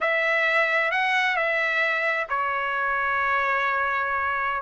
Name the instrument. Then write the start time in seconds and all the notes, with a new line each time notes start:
trumpet
0.00 E5
0.91 F#5
1.36 E5
2.29 C#5